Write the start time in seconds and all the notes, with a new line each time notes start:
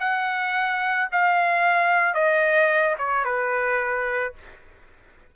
0.00 F#5
1.12 F5
2.14 D#5
2.98 C#5
3.25 B4